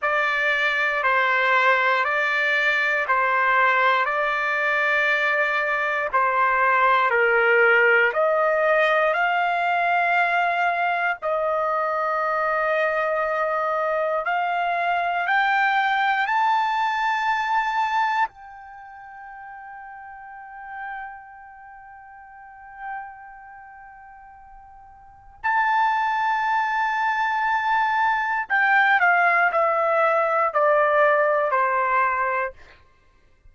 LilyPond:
\new Staff \with { instrumentName = "trumpet" } { \time 4/4 \tempo 4 = 59 d''4 c''4 d''4 c''4 | d''2 c''4 ais'4 | dis''4 f''2 dis''4~ | dis''2 f''4 g''4 |
a''2 g''2~ | g''1~ | g''4 a''2. | g''8 f''8 e''4 d''4 c''4 | }